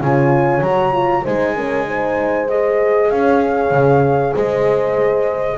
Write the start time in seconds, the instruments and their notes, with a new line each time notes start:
0.00 double bass C#3, horn F4 C#5, flute G#5
0.61 double bass F#3, horn F#4, flute A#5
0.92 horn F4
1.23 double bass G#3, horn D#4 C5, flute G#5
1.56 horn C#4 A#4
1.86 horn D#4 C5
2.49 horn G#4, flute D#5
3.10 double bass C#4, horn C#5, flute F5
3.71 double bass C#3
4.34 double bass G#3, horn C5, flute D#5